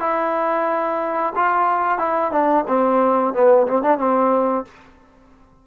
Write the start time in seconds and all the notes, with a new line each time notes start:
0.00 E4
1.36 F4
1.99 E4
2.32 D4
2.68 C4
3.34 B3
3.68 C4
3.83 D4
3.98 C4